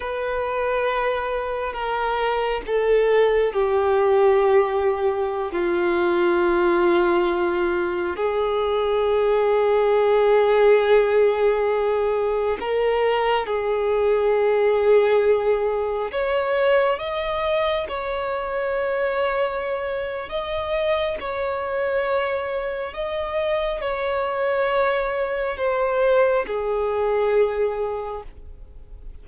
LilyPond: \new Staff \with { instrumentName = "violin" } { \time 4/4 \tempo 4 = 68 b'2 ais'4 a'4 | g'2~ g'16 f'4.~ f'16~ | f'4~ f'16 gis'2~ gis'8.~ | gis'2~ gis'16 ais'4 gis'8.~ |
gis'2~ gis'16 cis''4 dis''8.~ | dis''16 cis''2~ cis''8. dis''4 | cis''2 dis''4 cis''4~ | cis''4 c''4 gis'2 | }